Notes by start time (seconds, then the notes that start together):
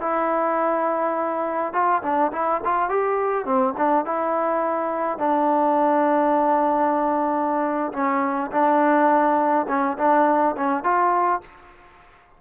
0.00 E4
1.73 F4
2.02 D4
2.32 E4
2.64 F4
2.89 G4
3.45 C4
3.77 D4
4.05 E4
5.18 D4
7.92 C#4
8.51 D4
9.68 C#4
9.98 D4
10.56 C#4
10.83 F4